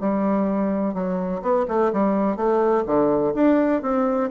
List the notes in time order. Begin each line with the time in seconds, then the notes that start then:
0.00 G3
0.94 F#3
1.42 B3
1.68 A3
1.92 G3
2.36 A3
2.86 D3
3.34 D4
3.82 C4